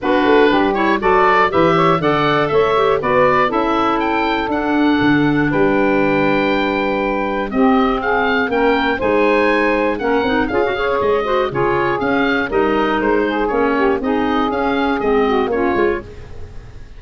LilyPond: <<
  \new Staff \with { instrumentName = "oboe" } { \time 4/4 \tempo 4 = 120 b'4. cis''8 d''4 e''4 | fis''4 e''4 d''4 e''4 | g''4 fis''2 g''4~ | g''2. dis''4 |
f''4 g''4 gis''2 | fis''4 f''4 dis''4 cis''4 | f''4 dis''4 c''4 cis''4 | dis''4 f''4 dis''4 cis''4 | }
  \new Staff \with { instrumentName = "saxophone" } { \time 4/4 fis'4 g'4 a'4 b'8 cis''8 | d''4 cis''4 b'4 a'4~ | a'2. b'4~ | b'2. g'4 |
gis'4 ais'4 c''2 | ais'4 gis'8 cis''4 c''8 gis'4~ | gis'4 ais'4. gis'4 g'8 | gis'2~ gis'8 fis'8 f'4 | }
  \new Staff \with { instrumentName = "clarinet" } { \time 4/4 d'4. e'8 fis'4 g'4 | a'4. g'8 fis'4 e'4~ | e'4 d'2.~ | d'2. c'4~ |
c'4 cis'4 dis'2 | cis'8 dis'8 f'16 fis'16 gis'4 fis'8 f'4 | cis'4 dis'2 cis'4 | dis'4 cis'4 c'4 cis'8 f'8 | }
  \new Staff \with { instrumentName = "tuba" } { \time 4/4 b8 a8 g4 fis4 e4 | d4 a4 b4 cis'4~ | cis'4 d'4 d4 g4~ | g2. c'4~ |
c'4 ais4 gis2 | ais8 c'8 cis'4 gis4 cis4 | cis'4 g4 gis4 ais4 | c'4 cis'4 gis4 ais8 gis8 | }
>>